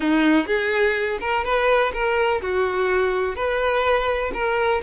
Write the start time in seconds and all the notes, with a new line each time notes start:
0.00 D#4
0.47 G#4
1.20 A#4
1.44 B4
1.93 A#4
2.41 F#4
3.35 B4
4.33 A#4